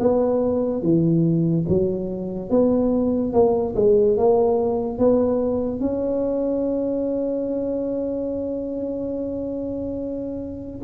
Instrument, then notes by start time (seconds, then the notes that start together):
tuba
0.00 B3
0.82 E3
1.69 F#3
2.50 B3
3.33 A#3
3.76 G#3
4.17 A#3
4.98 B3
5.80 C#4